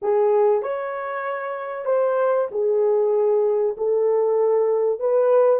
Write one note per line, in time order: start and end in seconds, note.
0.02 0.62 G#4
0.62 1.85 C#5
1.85 2.47 C5
2.51 3.76 G#4
3.77 4.99 A4
4.99 5.60 B4